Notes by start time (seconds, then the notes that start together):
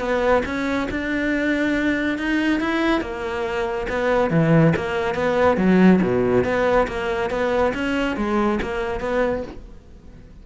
0.00 B3
0.46 C#4
0.91 D4
2.19 D#4
2.61 E4
3.02 A#3
3.89 B3
4.31 E3
4.76 A#3
5.15 B3
5.57 F#3
6.02 B2
6.45 B3
6.88 A#3
7.31 B3
7.74 C#4
8.17 G#3
8.62 A#3
9.01 B3